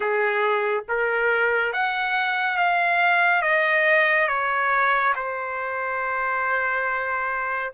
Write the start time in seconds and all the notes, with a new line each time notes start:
0.00 G#4
0.88 A#4
1.73 F#5
2.57 F5
3.42 D#5
4.28 C#5
5.15 C5